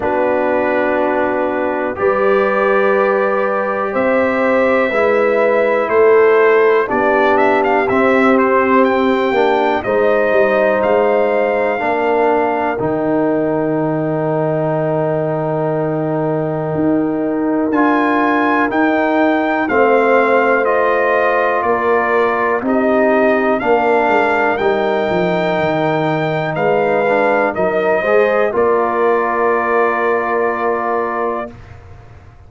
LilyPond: <<
  \new Staff \with { instrumentName = "trumpet" } { \time 4/4 \tempo 4 = 61 b'2 d''2 | e''2 c''4 d''8 e''16 f''16 | e''8 c''8 g''4 dis''4 f''4~ | f''4 g''2.~ |
g''2 gis''4 g''4 | f''4 dis''4 d''4 dis''4 | f''4 g''2 f''4 | dis''4 d''2. | }
  \new Staff \with { instrumentName = "horn" } { \time 4/4 fis'2 b'2 | c''4 b'4 a'4 g'4~ | g'2 c''2 | ais'1~ |
ais'1 | c''2 ais'4 g'4 | ais'2. b'4 | ais'8 c''8 ais'2. | }
  \new Staff \with { instrumentName = "trombone" } { \time 4/4 d'2 g'2~ | g'4 e'2 d'4 | c'4. d'8 dis'2 | d'4 dis'2.~ |
dis'2 f'4 dis'4 | c'4 f'2 dis'4 | d'4 dis'2~ dis'8 d'8 | dis'8 gis'8 f'2. | }
  \new Staff \with { instrumentName = "tuba" } { \time 4/4 b2 g2 | c'4 gis4 a4 b4 | c'4. ais8 gis8 g8 gis4 | ais4 dis2.~ |
dis4 dis'4 d'4 dis'4 | a2 ais4 c'4 | ais8 gis8 g8 f8 dis4 gis4 | fis8 gis8 ais2. | }
>>